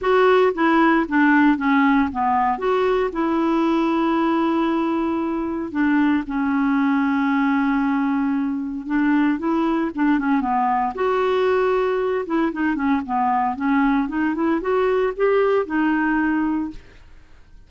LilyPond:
\new Staff \with { instrumentName = "clarinet" } { \time 4/4 \tempo 4 = 115 fis'4 e'4 d'4 cis'4 | b4 fis'4 e'2~ | e'2. d'4 | cis'1~ |
cis'4 d'4 e'4 d'8 cis'8 | b4 fis'2~ fis'8 e'8 | dis'8 cis'8 b4 cis'4 dis'8 e'8 | fis'4 g'4 dis'2 | }